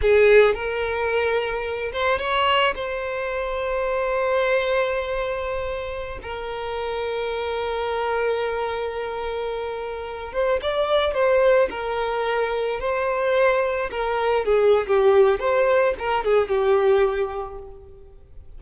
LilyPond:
\new Staff \with { instrumentName = "violin" } { \time 4/4 \tempo 4 = 109 gis'4 ais'2~ ais'8 c''8 | cis''4 c''2.~ | c''2.~ c''16 ais'8.~ | ais'1~ |
ais'2~ ais'8. c''8 d''8.~ | d''16 c''4 ais'2 c''8.~ | c''4~ c''16 ais'4 gis'8. g'4 | c''4 ais'8 gis'8 g'2 | }